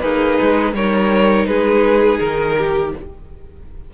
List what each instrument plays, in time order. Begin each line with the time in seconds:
0.00 cello A#3, violin D#4 B4, viola G#4
0.41 cello G#3
0.73 cello G3, viola D#4, violin A#4 C#5
1.46 cello G#3, violin G#4 B4
2.19 cello D#3, violin A#4
2.57 violin G4